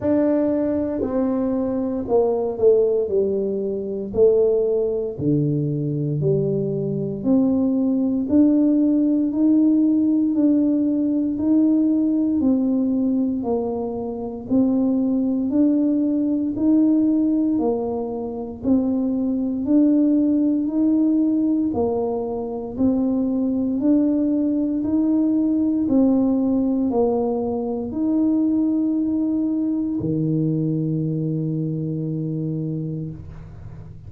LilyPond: \new Staff \with { instrumentName = "tuba" } { \time 4/4 \tempo 4 = 58 d'4 c'4 ais8 a8 g4 | a4 d4 g4 c'4 | d'4 dis'4 d'4 dis'4 | c'4 ais4 c'4 d'4 |
dis'4 ais4 c'4 d'4 | dis'4 ais4 c'4 d'4 | dis'4 c'4 ais4 dis'4~ | dis'4 dis2. | }